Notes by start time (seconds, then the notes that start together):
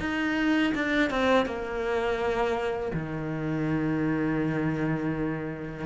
0.00 D#4
0.75 D4
1.10 C4
1.46 A#3
2.94 D#3